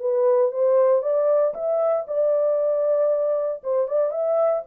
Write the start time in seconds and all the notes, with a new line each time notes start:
0.00 B4
0.51 C5
1.02 D5
1.54 E5
2.07 D5
3.63 C5
3.88 D5
4.11 E5